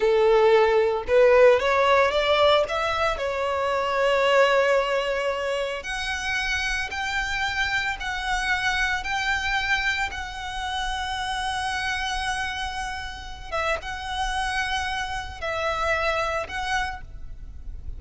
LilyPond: \new Staff \with { instrumentName = "violin" } { \time 4/4 \tempo 4 = 113 a'2 b'4 cis''4 | d''4 e''4 cis''2~ | cis''2. fis''4~ | fis''4 g''2 fis''4~ |
fis''4 g''2 fis''4~ | fis''1~ | fis''4. e''8 fis''2~ | fis''4 e''2 fis''4 | }